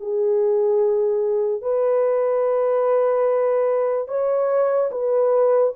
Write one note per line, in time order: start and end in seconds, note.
0.00 1.61 G#4
1.61 4.08 B4
4.08 4.90 C#5
4.91 5.73 B4